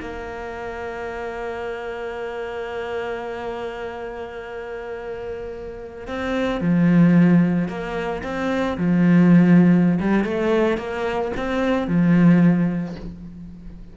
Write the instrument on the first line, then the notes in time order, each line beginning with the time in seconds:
cello
0.00 A#3
6.07 C4
6.61 F3
7.68 A#3
8.23 C4
8.77 F3
10.00 G3
10.24 A3
10.77 A#3
11.36 C4
11.87 F3